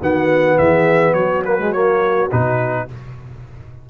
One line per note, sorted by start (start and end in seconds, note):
0.00 0.59 D#3
0.00 1.44 B3
0.00 0.57 F#4
0.00 0.58 F#5
0.58 1.14 E3
0.58 1.15 G#4
0.58 1.14 E5
1.14 2.28 F#3
1.14 2.86 F#4
1.14 1.42 C#5
1.45 1.59 A#3
1.45 1.72 B4
1.59 1.73 G#3
1.72 2.30 A#3
1.72 2.30 C#5
2.31 2.90 B2
2.31 2.88 D#4
2.31 2.89 B4